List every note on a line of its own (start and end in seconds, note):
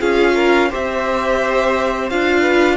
0.00 0.71 C#4
0.00 0.70 F4
0.00 0.35 G#4
0.00 0.71 F5
0.35 0.70 A#4
0.70 2.11 C4
0.70 2.10 G4
0.70 2.41 C5
0.70 2.10 E5
2.10 2.77 D4
2.10 2.77 F4
2.10 2.77 F5
2.41 2.76 B4